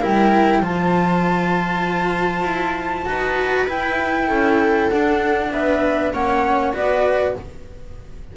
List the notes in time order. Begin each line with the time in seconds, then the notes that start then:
0.00 G3 E4 A#4 G5
0.60 F3 F4 C5 A5
2.42 E4
3.06 D#4 F#4 B4
3.67 E4 G5
4.27 C#4 A4
4.89 D4 F#5
5.51 B3 B4 E5
6.13 A#3 C#4 C#5 F#5
6.73 B3 F#4 B4 D5